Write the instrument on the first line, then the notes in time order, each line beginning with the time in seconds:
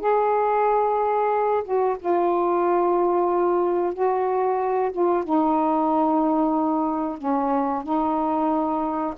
saxophone
0.00 G#4
1.64 F#4
1.99 F4
3.93 F#4
4.92 F4
5.24 D#4
7.18 C#4
7.83 D#4